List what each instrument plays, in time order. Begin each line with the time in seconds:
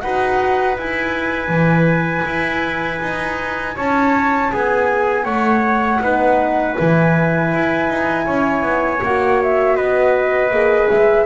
0.00 double bass D#4, horn F#4, trumpet B4, flute F#5
0.77 double bass E4, horn E4, flute G#5
1.48 double bass E3
2.25 double bass E4
3.01 double bass D#4
3.75 double bass C#4, trumpet C#5, flute A5
4.52 double bass B3, trumpet G#4, flute G#5
5.24 double bass A3, trumpet C#5, flute F#5
6.00 double bass B3, horn D#4, trumpet B4
6.75 double bass E3, horn E4, flute G#5
7.53 double bass E4
7.89 double bass D#4
8.25 double bass C#4, trumpet C#5
8.62 double bass B3
9.02 double bass A#3, horn F#4, flute F#5
9.42 flute E5
9.75 double bass B3, trumpet B4, flute D#5
10.50 double bass A#3, horn G#4
10.89 double bass G#3, flute E5